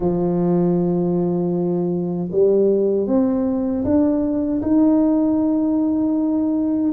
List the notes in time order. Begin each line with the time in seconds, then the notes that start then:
0.00 F3
2.31 G3
3.07 C4
3.84 D4
4.62 D#4